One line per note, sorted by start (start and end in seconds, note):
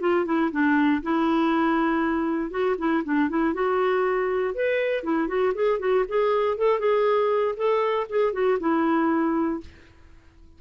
0.00 0.25 F4
0.25 0.50 E4
0.51 1.02 D4
1.02 2.50 E4
2.50 2.76 F#4
2.78 3.03 E4
3.04 3.29 D4
3.29 3.54 E4
3.54 4.54 F#4
4.54 5.03 B4
5.03 5.28 E4
5.28 5.53 F#4
5.54 5.79 G#4
5.79 6.05 F#4
6.08 6.57 G#4
6.57 6.79 A4
6.79 7.55 G#4
7.56 8.07 A4
8.09 8.33 G#4
8.33 8.58 F#4
8.60 9.61 E4